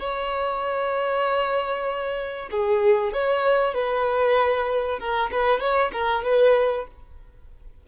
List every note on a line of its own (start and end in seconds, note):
0.00 2.50 C#5
2.51 3.14 G#4
3.14 3.75 C#5
3.75 5.00 B4
5.00 5.31 A#4
5.32 5.61 B4
5.61 5.92 C#5
5.93 6.24 A#4
6.24 6.87 B4